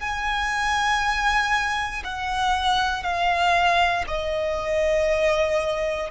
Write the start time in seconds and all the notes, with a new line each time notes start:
0.00 G#5
2.04 F#5
3.03 F5
4.08 D#5